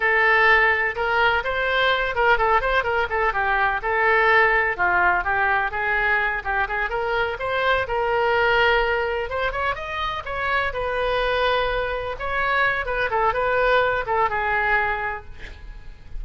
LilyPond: \new Staff \with { instrumentName = "oboe" } { \time 4/4 \tempo 4 = 126 a'2 ais'4 c''4~ | c''8 ais'8 a'8 c''8 ais'8 a'8 g'4 | a'2 f'4 g'4 | gis'4. g'8 gis'8 ais'4 c''8~ |
c''8 ais'2. c''8 | cis''8 dis''4 cis''4 b'4.~ | b'4. cis''4. b'8 a'8 | b'4. a'8 gis'2 | }